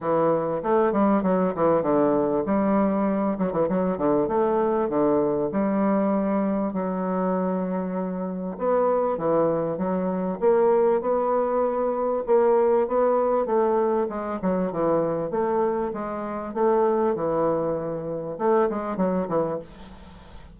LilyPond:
\new Staff \with { instrumentName = "bassoon" } { \time 4/4 \tempo 4 = 98 e4 a8 g8 fis8 e8 d4 | g4. fis16 e16 fis8 d8 a4 | d4 g2 fis4~ | fis2 b4 e4 |
fis4 ais4 b2 | ais4 b4 a4 gis8 fis8 | e4 a4 gis4 a4 | e2 a8 gis8 fis8 e8 | }